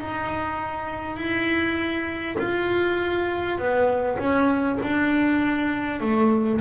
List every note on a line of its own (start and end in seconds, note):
0.00 1.17 D#4
1.17 2.37 E4
2.38 3.58 F4
3.58 4.18 B3
4.19 4.79 C#4
4.82 6.01 D4
6.01 6.61 A3